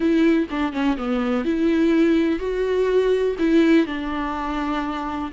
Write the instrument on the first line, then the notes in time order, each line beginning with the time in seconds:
viola
0.00 E4
0.50 D4
0.72 C#4
0.97 B3
1.44 E4
2.39 F#4
3.38 E4
3.86 D4